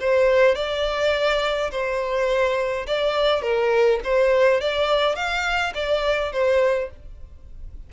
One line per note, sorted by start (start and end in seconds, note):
0.00 0.55 C5
0.55 1.71 D5
1.72 2.87 C5
2.87 3.42 D5
3.42 4.00 A#4
4.04 4.61 C5
4.61 5.16 D5
5.16 5.74 F5
5.75 6.33 D5
6.33 6.90 C5